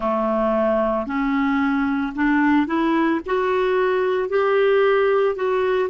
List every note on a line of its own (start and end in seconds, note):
0.00 1.06 A3
1.06 2.13 C#4
2.15 2.66 D4
2.66 3.20 E4
3.25 4.29 F#4
4.29 5.35 G4
5.35 5.89 F#4